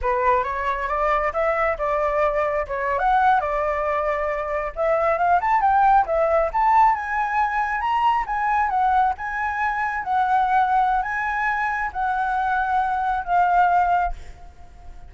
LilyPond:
\new Staff \with { instrumentName = "flute" } { \time 4/4 \tempo 4 = 136 b'4 cis''4 d''4 e''4 | d''2 cis''8. fis''4 d''16~ | d''2~ d''8. e''4 f''16~ | f''16 a''8 g''4 e''4 a''4 gis''16~ |
gis''4.~ gis''16 ais''4 gis''4 fis''16~ | fis''8. gis''2 fis''4~ fis''16~ | fis''4 gis''2 fis''4~ | fis''2 f''2 | }